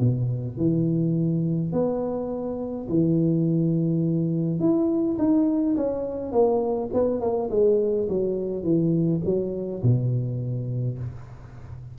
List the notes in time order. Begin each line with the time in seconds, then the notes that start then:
0.00 B2
0.58 E3
1.73 B3
2.89 E3
4.60 E4
5.19 D#4
5.77 C#4
6.32 A#3
6.94 B3
7.21 A#3
7.51 G#3
8.09 F#3
8.63 E3
9.25 F#3
9.83 B2